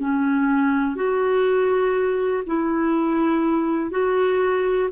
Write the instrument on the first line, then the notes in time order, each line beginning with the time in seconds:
clarinet
0.00 C#4
0.96 F#4
2.47 E4
3.91 F#4